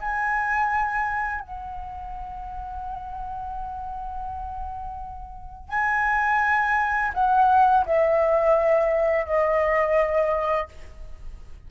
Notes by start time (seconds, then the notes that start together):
0.00 G#5
1.41 F#5
5.69 G#5
7.14 F#5
7.86 E5
9.25 D#5